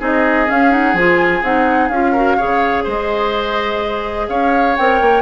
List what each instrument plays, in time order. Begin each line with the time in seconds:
0.00 bassoon C4, clarinet D#4, oboe G#4, flute D#5
0.47 clarinet C#4, bassoon C#4, flute F5
0.71 clarinet D#4, flute F#5
0.94 bassoon F3, clarinet F4, flute G#5
1.43 bassoon C4, clarinet D#4, flute F#5
1.88 bassoon C#4, clarinet F4, flute F5
2.12 clarinet F#4, oboe A#4
2.37 bassoon C#3, clarinet G#4, oboe C#5
2.84 bassoon G#3, oboe C5, flute D#5
4.29 bassoon C#4, oboe C#5, flute F5
4.77 bassoon C4, clarinet A#4, flute G5
5.01 bassoon A#3